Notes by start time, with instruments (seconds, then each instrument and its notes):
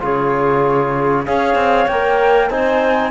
0.00 cello C#3, trombone F4, clarinet G#4, flute C#5
1.25 cello C#4, trombone G#4, clarinet C#5, flute F5
1.55 cello C4
1.87 cello A#3, trombone A#4, flute G5
2.49 cello C4, trombone D#4, clarinet C5, flute G#5